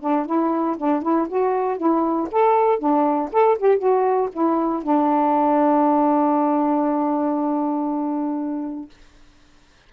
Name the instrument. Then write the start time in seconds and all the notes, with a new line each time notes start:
saxophone
0.00 D4
0.26 E4
0.77 D4
1.02 E4
1.29 F#4
1.77 E4
2.31 A4
2.79 D4
3.32 A4
3.58 G4
3.78 F#4
4.33 E4
4.83 D4